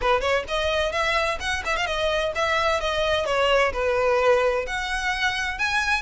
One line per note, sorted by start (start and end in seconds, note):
0.01 0.21 B4
0.21 0.44 C#5
0.48 0.92 D#5
0.92 1.38 E5
1.40 1.63 F#5
1.65 1.76 E5
1.76 1.86 F5
1.86 2.33 D#5
2.35 2.80 E5
2.80 3.25 D#5
3.25 3.72 C#5
3.73 4.66 B4
4.66 5.58 F#5
5.58 6.02 G#5